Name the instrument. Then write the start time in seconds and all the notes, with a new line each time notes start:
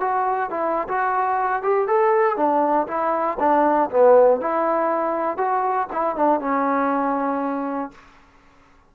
trombone
0.00 F#4
0.50 E4
0.88 F#4
1.62 G4
1.87 A4
2.36 D4
2.87 E4
3.39 D4
3.90 B3
4.40 E4
5.37 F#4
5.92 E4
6.16 D4
6.40 C#4